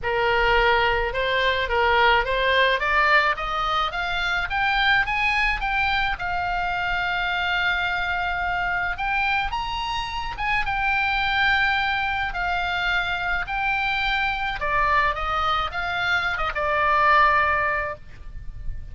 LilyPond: \new Staff \with { instrumentName = "oboe" } { \time 4/4 \tempo 4 = 107 ais'2 c''4 ais'4 | c''4 d''4 dis''4 f''4 | g''4 gis''4 g''4 f''4~ | f''1 |
g''4 ais''4. gis''8 g''4~ | g''2 f''2 | g''2 d''4 dis''4 | f''4~ f''16 dis''16 d''2~ d''8 | }